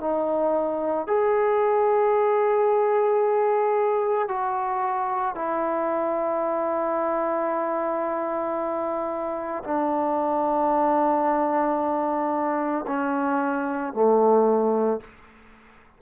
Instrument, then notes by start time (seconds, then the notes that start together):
trombone
0.00 D#4
1.07 G#4
4.29 F#4
5.35 E4
9.64 D4
12.87 C#4
13.93 A3